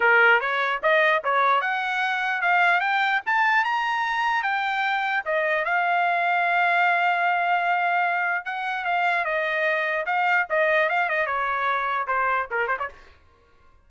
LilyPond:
\new Staff \with { instrumentName = "trumpet" } { \time 4/4 \tempo 4 = 149 ais'4 cis''4 dis''4 cis''4 | fis''2 f''4 g''4 | a''4 ais''2 g''4~ | g''4 dis''4 f''2~ |
f''1~ | f''4 fis''4 f''4 dis''4~ | dis''4 f''4 dis''4 f''8 dis''8 | cis''2 c''4 ais'8 c''16 cis''16 | }